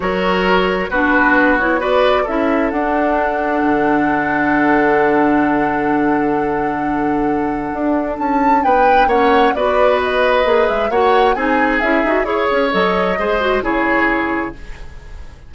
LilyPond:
<<
  \new Staff \with { instrumentName = "flute" } { \time 4/4 \tempo 4 = 132 cis''2 b'4. cis''8 | d''4 e''4 fis''2~ | fis''1~ | fis''1~ |
fis''2 a''4 g''4 | fis''4 d''4 dis''4. e''8 | fis''4 gis''4 e''4 cis''4 | dis''2 cis''2 | }
  \new Staff \with { instrumentName = "oboe" } { \time 4/4 ais'2 fis'2 | b'4 a'2.~ | a'1~ | a'1~ |
a'2. b'4 | cis''4 b'2. | cis''4 gis'2 cis''4~ | cis''4 c''4 gis'2 | }
  \new Staff \with { instrumentName = "clarinet" } { \time 4/4 fis'2 d'4. e'8 | fis'4 e'4 d'2~ | d'1~ | d'1~ |
d'1 | cis'4 fis'2 gis'4 | fis'4 dis'4 e'8 fis'8 gis'4 | a'4 gis'8 fis'8 e'2 | }
  \new Staff \with { instrumentName = "bassoon" } { \time 4/4 fis2 b2~ | b4 cis'4 d'2 | d1~ | d1~ |
d4 d'4 cis'4 b4 | ais4 b2 ais8 gis8 | ais4 c'4 cis'8 dis'8 e'8 cis'8 | fis4 gis4 cis2 | }
>>